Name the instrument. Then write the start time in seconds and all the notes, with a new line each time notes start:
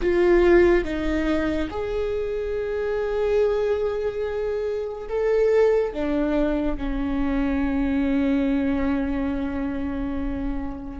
viola
0.01 F4
0.84 D#4
1.70 G#4
5.08 A4
5.92 D4
6.77 C#4